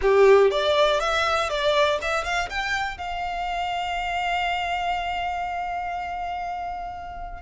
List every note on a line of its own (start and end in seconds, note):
0.01 0.50 G4
0.50 0.99 D5
0.99 1.49 E5
1.49 1.99 D5
2.01 2.23 E5
2.23 2.48 F5
2.49 2.97 G5
2.97 7.41 F5